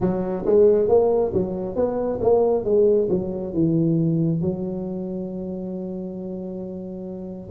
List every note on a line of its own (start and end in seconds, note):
0.00 0.45 F#3
0.45 0.88 G#3
0.88 1.32 A#3
1.33 1.75 F#3
1.75 2.19 B3
2.21 2.64 A#3
2.64 3.08 G#3
3.09 3.53 F#3
3.53 4.41 E3
4.41 7.50 F#3